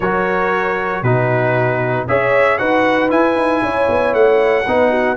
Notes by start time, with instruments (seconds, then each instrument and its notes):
0.00 tuba F#3, trombone F#4, horn A#4, trumpet C#5
1.02 tuba B2, trombone D#4, horn F#4, trumpet B4
2.07 tuba C#4, trombone G#4, horn C#5, trumpet E5
2.57 tuba D#4, trombone F#4, horn B4, trumpet F#5
3.09 trombone E4, tuba E4, trumpet G#5
3.36 tuba D#4
3.62 tuba C#4, horn C#5
3.89 tuba B3
4.13 tuba A3, trumpet F#5
4.67 tuba B3, trombone D#4, horn B4
4.90 horn F#4